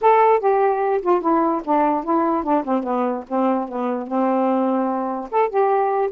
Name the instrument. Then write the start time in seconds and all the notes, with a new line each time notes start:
saxophone
0.01 A4
0.39 G4
1.01 F4
1.21 E4
1.64 D4
2.04 E4
2.43 D4
2.64 C4
2.83 B3
3.28 C4
3.68 B3
4.07 C4
5.31 A4
5.49 G4